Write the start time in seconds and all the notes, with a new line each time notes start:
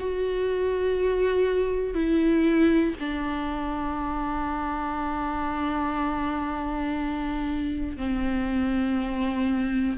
0.00 F#4
1.95 E4
3.00 D4
7.98 C4